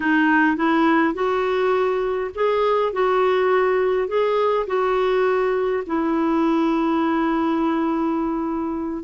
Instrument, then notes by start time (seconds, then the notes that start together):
clarinet
0.00 D#4
0.56 E4
1.14 F#4
2.35 G#4
2.93 F#4
4.08 G#4
4.67 F#4
5.86 E4